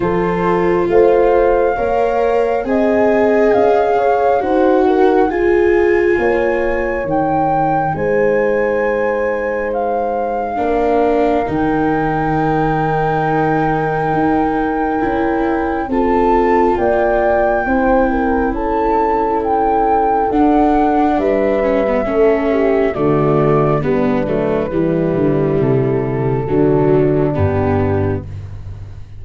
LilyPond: <<
  \new Staff \with { instrumentName = "flute" } { \time 4/4 \tempo 4 = 68 c''4 f''2 gis''4 | f''4 fis''4 gis''2 | g''4 gis''2 f''4~ | f''4 g''2.~ |
g''2 a''4 g''4~ | g''4 a''4 g''4 fis''4 | e''2 d''4 b'4~ | b'4 a'2 g'4 | }
  \new Staff \with { instrumentName = "horn" } { \time 4/4 a'4 c''4 cis''4 dis''4~ | dis''8 cis''8 c''8 ais'8 gis'4 cis''4~ | cis''4 c''2. | ais'1~ |
ais'2 a'4 d''4 | c''8 ais'8 a'2. | b'4 a'8 g'8 fis'4 d'4 | e'2 d'2 | }
  \new Staff \with { instrumentName = "viola" } { \time 4/4 f'2 ais'4 gis'4~ | gis'4 fis'4 f'2 | dis'1 | d'4 dis'2.~ |
dis'4 e'4 f'2 | e'2. d'4~ | d'8 cis'16 b16 cis'4 a4 b8 a8 | g2 fis4 b4 | }
  \new Staff \with { instrumentName = "tuba" } { \time 4/4 f4 a4 ais4 c'4 | cis'4 dis'4 f'4 ais4 | dis4 gis2. | ais4 dis2. |
dis'4 cis'4 c'4 ais4 | c'4 cis'2 d'4 | g4 a4 d4 g8 fis8 | e8 d8 c4 d4 g,4 | }
>>